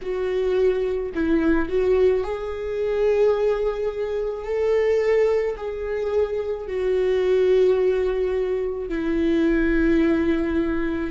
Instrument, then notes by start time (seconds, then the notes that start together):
viola
0.01 F#4
1.14 E4
1.68 F#4
2.23 G#4
4.44 A4
5.56 G#4
6.67 F#4
8.88 E4